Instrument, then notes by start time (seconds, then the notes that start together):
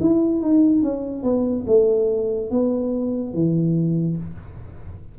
tuba
0.00 E4
0.41 D#4
0.82 C#4
1.23 B3
1.67 A3
2.50 B3
3.33 E3